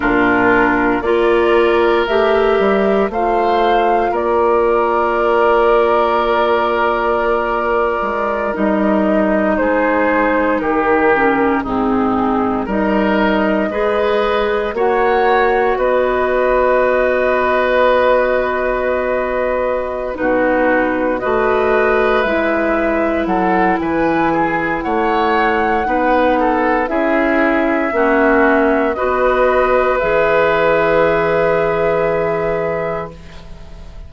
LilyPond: <<
  \new Staff \with { instrumentName = "flute" } { \time 4/4 \tempo 4 = 58 ais'4 d''4 e''4 f''4 | d''1~ | d''16 dis''4 c''4 ais'4 gis'8.~ | gis'16 dis''2 fis''4 dis''8.~ |
dis''2.~ dis''8 b'8~ | b'8 dis''4 e''4 fis''8 gis''4 | fis''2 e''2 | dis''4 e''2. | }
  \new Staff \with { instrumentName = "oboe" } { \time 4/4 f'4 ais'2 c''4 | ais'1~ | ais'4~ ais'16 gis'4 g'4 dis'8.~ | dis'16 ais'4 b'4 cis''4 b'8.~ |
b'2.~ b'8 fis'8~ | fis'8 b'2 a'8 b'8 gis'8 | cis''4 b'8 a'8 gis'4 fis'4 | b'1 | }
  \new Staff \with { instrumentName = "clarinet" } { \time 4/4 d'4 f'4 g'4 f'4~ | f'1~ | f'16 dis'2~ dis'8 cis'8 c'8.~ | c'16 dis'4 gis'4 fis'4.~ fis'16~ |
fis'2.~ fis'8 dis'8~ | dis'8 fis'4 e'2~ e'8~ | e'4 dis'4 e'4 cis'4 | fis'4 gis'2. | }
  \new Staff \with { instrumentName = "bassoon" } { \time 4/4 ais,4 ais4 a8 g8 a4 | ais2.~ ais8. gis16~ | gis16 g4 gis4 dis4 gis,8.~ | gis,16 g4 gis4 ais4 b8.~ |
b2.~ b8 b,8~ | b,8 a4 gis4 fis8 e4 | a4 b4 cis'4 ais4 | b4 e2. | }
>>